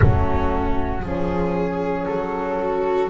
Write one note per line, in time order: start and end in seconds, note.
0.00 1.03 F#3
0.00 1.04 A3
0.00 1.01 C#4
0.00 1.05 F#4
1.01 2.06 F3
1.01 3.09 C#4
1.01 2.56 G#4
1.01 2.05 G#4
2.05 3.09 F#3
2.05 3.09 A4
2.59 3.09 F#4